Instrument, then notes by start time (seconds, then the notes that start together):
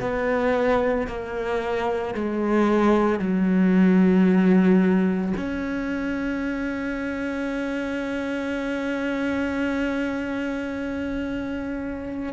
cello
0.00 B3
1.07 A#3
2.14 G#3
3.19 F#3
5.36 C#4